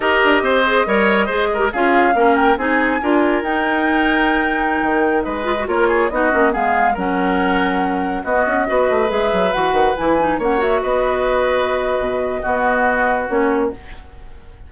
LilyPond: <<
  \new Staff \with { instrumentName = "flute" } { \time 4/4 \tempo 4 = 140 dis''1 | f''4. g''8 gis''2 | g''1~ | g''16 dis''4 cis''4 dis''4 f''8.~ |
f''16 fis''2. dis''8.~ | dis''4~ dis''16 e''4 fis''4 gis''8.~ | gis''16 fis''8 e''8 dis''2~ dis''8.~ | dis''2. cis''4 | }
  \new Staff \with { instrumentName = "oboe" } { \time 4/4 ais'4 c''4 cis''4 c''8 ais'8 | gis'4 ais'4 gis'4 ais'4~ | ais'1~ | ais'16 b'4 ais'8 gis'8 fis'4 gis'8.~ |
gis'16 ais'2. fis'8.~ | fis'16 b'2.~ b'8.~ | b'16 cis''4 b'2~ b'8.~ | b'4 fis'2. | }
  \new Staff \with { instrumentName = "clarinet" } { \time 4/4 g'4. gis'8 ais'4 gis'8. g'16 | f'4 cis'4 dis'4 f'4 | dis'1~ | dis'8. f'16 fis'16 f'4 dis'8 cis'8 b8.~ |
b16 cis'2. b8.~ | b16 fis'4 gis'4 fis'4 e'8 dis'16~ | dis'16 cis'8 fis'2.~ fis'16~ | fis'4 b2 cis'4 | }
  \new Staff \with { instrumentName = "bassoon" } { \time 4/4 dis'8 d'8 c'4 g4 gis4 | cis'4 ais4 c'4 d'4 | dis'2.~ dis'16 dis8.~ | dis16 gis4 ais4 b8 ais8 gis8.~ |
gis16 fis2. b8 cis'16~ | cis'16 b8 a8 gis8 fis8 e8 dis8 e8.~ | e16 ais4 b2~ b8. | b,4 b2 ais4 | }
>>